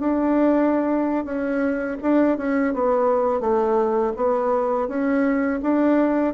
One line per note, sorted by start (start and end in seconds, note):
0.00 1.25 D4
1.25 1.97 C#4
2.02 2.38 D4
2.38 2.74 C#4
2.74 3.41 B3
3.41 4.13 A3
4.17 4.88 B3
4.88 5.61 C#4
5.63 6.34 D4